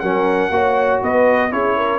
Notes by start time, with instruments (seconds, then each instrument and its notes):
0.00 tuba F#3, trombone C#4, horn A#4, trumpet F#5
0.50 tuba A#3, trombone F#4, horn C#5
1.02 tuba B3, horn B4, trumpet D#5
1.51 tuba C#4, trombone E4, horn G#4, trumpet C#5
1.77 horn A#4